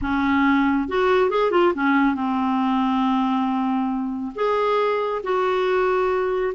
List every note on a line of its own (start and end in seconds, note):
0.01 0.88 C#4
0.88 1.30 F#4
1.30 1.51 G#4
1.51 1.73 F4
1.75 2.14 C#4
2.14 4.32 C4
4.35 5.22 G#4
5.23 6.53 F#4